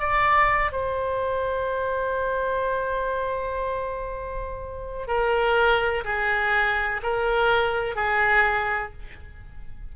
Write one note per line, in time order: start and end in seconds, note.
0.00 0.72 D5
0.72 5.08 C5
5.08 6.05 A#4
6.05 7.01 G#4
7.03 7.96 A#4
7.96 8.93 G#4